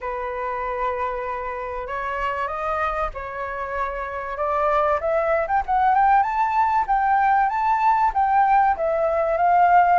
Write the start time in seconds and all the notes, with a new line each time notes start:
0.00 B4
1.87 C#5
2.47 D#5
3.13 C#5
4.37 D5
5.00 E5
5.47 G5
5.66 F#5
5.94 G5
6.22 A5
6.87 G5
7.49 A5
8.14 G5
8.77 E5
9.37 F5